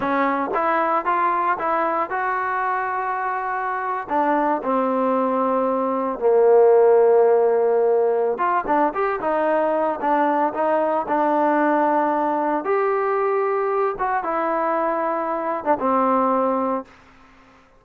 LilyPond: \new Staff \with { instrumentName = "trombone" } { \time 4/4 \tempo 4 = 114 cis'4 e'4 f'4 e'4 | fis'2.~ fis'8. d'16~ | d'8. c'2. ais16~ | ais1 |
f'8 d'8 g'8 dis'4. d'4 | dis'4 d'2. | g'2~ g'8 fis'8 e'4~ | e'4.~ e'16 d'16 c'2 | }